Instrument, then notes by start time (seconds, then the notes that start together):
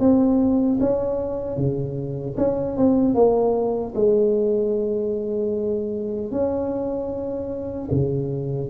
tuba
0.00 C4
0.80 C#4
1.57 C#3
2.38 C#4
2.77 C4
3.15 A#3
3.95 G#3
6.31 C#4
7.91 C#3